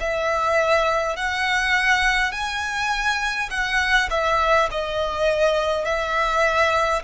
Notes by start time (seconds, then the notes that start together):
0.00 E5
1.16 F#5
2.32 G#5
3.50 F#5
4.10 E5
4.71 D#5
5.85 E5